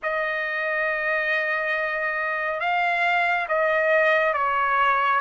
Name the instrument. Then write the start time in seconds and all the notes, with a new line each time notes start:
trumpet
0.02 D#5
2.59 F5
3.48 D#5
4.33 C#5